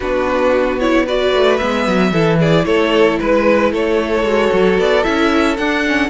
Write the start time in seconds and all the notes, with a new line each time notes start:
0.00 B3 D4 F#4 B4
0.79 E4 C#5
1.05 F#4 B4 D5
1.34 A3
1.57 G#3 B3 E5
1.87 F#3
2.11 E3 E4 A4
2.39 G#4 D5
2.64 A3 A4 C#5
3.19 G#3 B4
3.72 A3 A4 C#5
4.22 G#3 F#4
4.52 F#3
4.78 B3 D5
5.03 C#4 E4 E5
5.57 D4 F#5
5.87 C#4